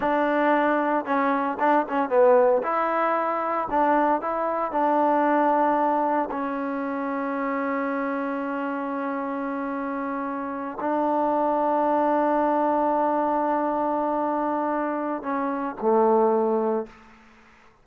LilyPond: \new Staff \with { instrumentName = "trombone" } { \time 4/4 \tempo 4 = 114 d'2 cis'4 d'8 cis'8 | b4 e'2 d'4 | e'4 d'2. | cis'1~ |
cis'1~ | cis'8 d'2.~ d'8~ | d'1~ | d'4 cis'4 a2 | }